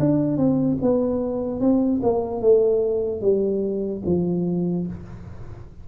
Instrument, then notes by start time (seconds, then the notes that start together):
tuba
0.00 D4
0.37 C4
0.82 B3
1.61 C4
2.03 A#3
2.41 A3
3.22 G3
4.06 F3